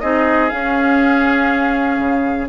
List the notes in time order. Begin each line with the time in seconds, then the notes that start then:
0.00 C4 D#4 G#4 D#5
0.49 C#4 F5
1.99 C#3